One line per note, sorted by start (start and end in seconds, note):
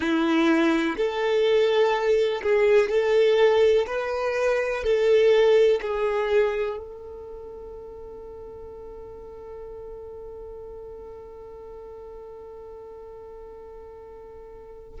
0.00 0.95 E4
0.97 2.42 A4
2.42 2.89 G#4
2.89 3.85 A4
3.86 4.83 B4
4.83 5.80 A4
5.81 6.77 G#4
6.77 15.00 A4